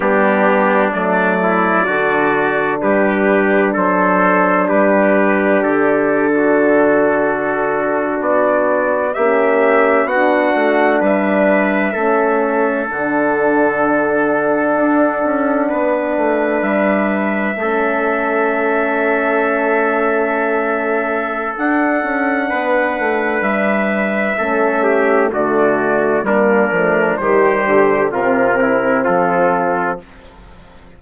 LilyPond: <<
  \new Staff \with { instrumentName = "trumpet" } { \time 4/4 \tempo 4 = 64 g'4 d''2 b'4 | c''4 b'4 a'2~ | a'8. d''4 e''4 fis''4 e''16~ | e''4.~ e''16 fis''2~ fis''16~ |
fis''4.~ fis''16 e''2~ e''16~ | e''2. fis''4~ | fis''4 e''2 d''4 | ais'4 c''4 ais'4 a'4 | }
  \new Staff \with { instrumentName = "trumpet" } { \time 4/4 d'4. e'8 fis'4 g'4 | a'4 g'4.~ g'16 fis'4~ fis'16~ | fis'4.~ fis'16 g'4 fis'4 b'16~ | b'8. a'2.~ a'16~ |
a'8. b'2 a'4~ a'16~ | a'1 | b'2 a'8 g'8 fis'4 | d'4 g'4 f'8 e'8 f'4 | }
  \new Staff \with { instrumentName = "horn" } { \time 4/4 b4 a4 d'2~ | d'1~ | d'4.~ d'16 cis'4 d'4~ d'16~ | d'8. cis'4 d'2~ d'16~ |
d'2~ d'8. cis'4~ cis'16~ | cis'2. d'4~ | d'2 cis'4 a4 | ais8 a8 g4 c'2 | }
  \new Staff \with { instrumentName = "bassoon" } { \time 4/4 g4 fis4 d4 g4 | fis4 g4 d2~ | d8. b4 ais4 b8 a8 g16~ | g8. a4 d2 d'16~ |
d'16 cis'8 b8 a8 g4 a4~ a16~ | a2. d'8 cis'8 | b8 a8 g4 a4 d4 | g8 f8 dis8 d8 c4 f4 | }
>>